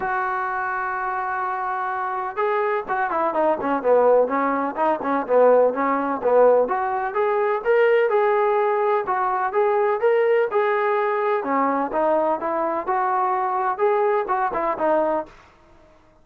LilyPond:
\new Staff \with { instrumentName = "trombone" } { \time 4/4 \tempo 4 = 126 fis'1~ | fis'4 gis'4 fis'8 e'8 dis'8 cis'8 | b4 cis'4 dis'8 cis'8 b4 | cis'4 b4 fis'4 gis'4 |
ais'4 gis'2 fis'4 | gis'4 ais'4 gis'2 | cis'4 dis'4 e'4 fis'4~ | fis'4 gis'4 fis'8 e'8 dis'4 | }